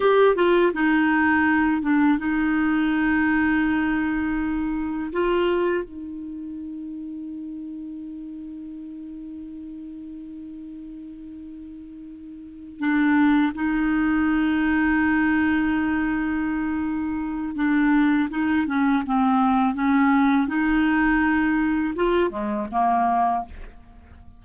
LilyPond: \new Staff \with { instrumentName = "clarinet" } { \time 4/4 \tempo 4 = 82 g'8 f'8 dis'4. d'8 dis'4~ | dis'2. f'4 | dis'1~ | dis'1~ |
dis'4. d'4 dis'4.~ | dis'1 | d'4 dis'8 cis'8 c'4 cis'4 | dis'2 f'8 gis8 ais4 | }